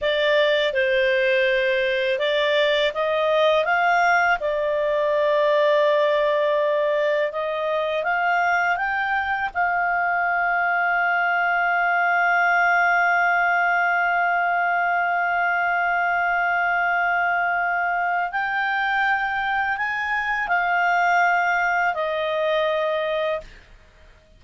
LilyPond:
\new Staff \with { instrumentName = "clarinet" } { \time 4/4 \tempo 4 = 82 d''4 c''2 d''4 | dis''4 f''4 d''2~ | d''2 dis''4 f''4 | g''4 f''2.~ |
f''1~ | f''1~ | f''4 g''2 gis''4 | f''2 dis''2 | }